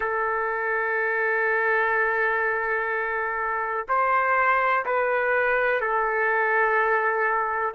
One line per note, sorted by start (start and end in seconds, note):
0.00 3.86 A4
3.88 4.85 C5
4.85 5.80 B4
5.80 7.74 A4